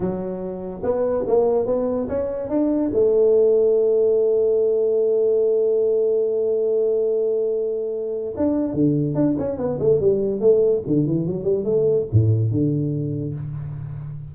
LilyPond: \new Staff \with { instrumentName = "tuba" } { \time 4/4 \tempo 4 = 144 fis2 b4 ais4 | b4 cis'4 d'4 a4~ | a1~ | a1~ |
a1 | d'4 d4 d'8 cis'8 b8 a8 | g4 a4 d8 e8 fis8 g8 | a4 a,4 d2 | }